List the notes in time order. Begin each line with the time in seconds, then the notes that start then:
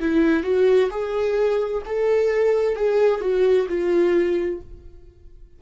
0.00 E4
0.43 F#4
0.90 G#4
1.86 A4
2.76 G#4
3.21 F#4
3.68 F4